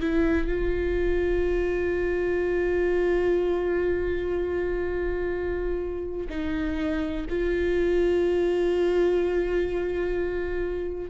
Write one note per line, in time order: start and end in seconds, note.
0.00 0.47 E4
0.47 6.28 F4
6.29 7.26 D#4
7.29 11.10 F4